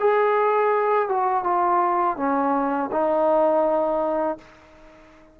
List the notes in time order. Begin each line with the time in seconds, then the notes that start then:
0.00 G#4
1.09 F#4
1.44 F4
2.17 C#4
2.92 D#4